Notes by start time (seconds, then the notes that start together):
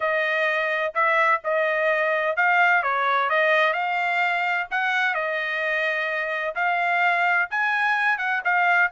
0.00 D#5
0.94 E5
1.43 D#5
2.36 F5
2.82 C#5
3.29 D#5
3.73 F5
4.70 F#5
5.14 D#5
6.55 F5
7.50 G#5
8.18 F#5
8.44 F5